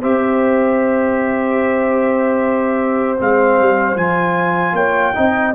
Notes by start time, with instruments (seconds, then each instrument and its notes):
0.00 tuba C4, trombone G4, horn C5, trumpet E5
3.18 tuba G#3, trombone C4, trumpet F5
3.59 tuba G3
3.96 tuba F3, trombone F4, trumpet G#5
4.73 tuba A#3, horn C#5, trumpet G5
5.13 tuba C4, trombone D#4, horn D#5